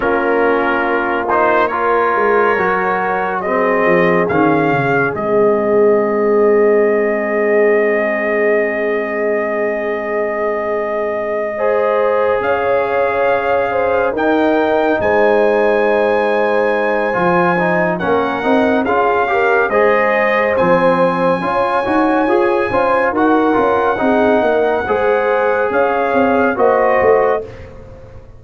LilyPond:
<<
  \new Staff \with { instrumentName = "trumpet" } { \time 4/4 \tempo 4 = 70 ais'4. c''8 cis''2 | dis''4 f''4 dis''2~ | dis''1~ | dis''2~ dis''8 f''4.~ |
f''8 g''4 gis''2~ gis''8~ | gis''4 fis''4 f''4 dis''4 | gis''2. fis''4~ | fis''2 f''4 dis''4 | }
  \new Staff \with { instrumentName = "horn" } { \time 4/4 f'2 ais'2 | gis'1~ | gis'1~ | gis'4. c''4 cis''4. |
c''8 ais'4 c''2~ c''8~ | c''4 ais'4 gis'8 ais'8 c''4~ | c''4 cis''4. c''8 ais'4 | gis'8 ais'8 c''4 cis''4 c''4 | }
  \new Staff \with { instrumentName = "trombone" } { \time 4/4 cis'4. dis'8 f'4 fis'4 | c'4 cis'4 c'2~ | c'1~ | c'4. gis'2~ gis'8~ |
gis'8 dis'2.~ dis'8 | f'8 dis'8 cis'8 dis'8 f'8 g'8 gis'4 | c'4 f'8 fis'8 gis'8 f'8 fis'8 f'8 | dis'4 gis'2 fis'4 | }
  \new Staff \with { instrumentName = "tuba" } { \time 4/4 ais2~ ais8 gis8 fis4~ | fis8 f8 dis8 cis8 gis2~ | gis1~ | gis2~ gis8 cis'4.~ |
cis'8 dis'4 gis2~ gis8 | f4 ais8 c'8 cis'4 gis4 | f4 cis'8 dis'8 f'8 cis'8 dis'8 cis'8 | c'8 ais8 gis4 cis'8 c'8 ais8 a8 | }
>>